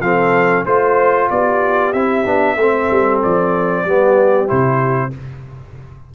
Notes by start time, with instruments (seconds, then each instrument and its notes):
0.00 tuba F3, trombone C4, horn A4, trumpet F5
0.65 tuba A3, trombone F4, horn C5, trumpet C5
1.30 tuba B3, horn G4, trumpet D5
1.93 tuba C4, trombone E4, trumpet E5
2.25 tuba B3, trombone D4
2.56 tuba A3, trombone C4, horn A4
2.91 tuba G3
3.23 tuba F3, trumpet D5
3.84 tuba G3, trombone B3, horn G4
4.47 tuba C3, trombone E4, trumpet C5